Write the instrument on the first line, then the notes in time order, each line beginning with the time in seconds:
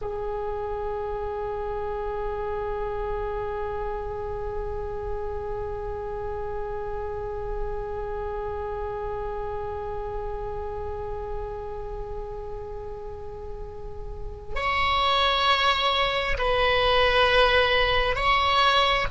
oboe
0.01 G#4
14.55 C#5
16.38 B4
18.15 C#5